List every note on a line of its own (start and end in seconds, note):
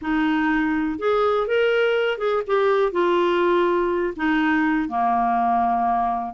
0.01 0.98 D#4
0.98 1.47 G#4
1.47 2.18 A#4
2.18 2.42 G#4
2.47 2.92 G4
2.92 4.14 F4
4.16 4.88 D#4
4.88 6.34 A#3